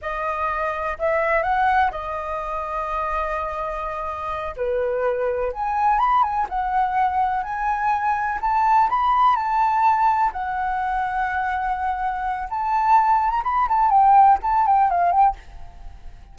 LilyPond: \new Staff \with { instrumentName = "flute" } { \time 4/4 \tempo 4 = 125 dis''2 e''4 fis''4 | dis''1~ | dis''4. b'2 gis''8~ | gis''8 b''8 gis''8 fis''2 gis''8~ |
gis''4. a''4 b''4 a''8~ | a''4. fis''2~ fis''8~ | fis''2 a''4.~ a''16 ais''16 | b''8 a''8 g''4 a''8 g''8 f''8 g''8 | }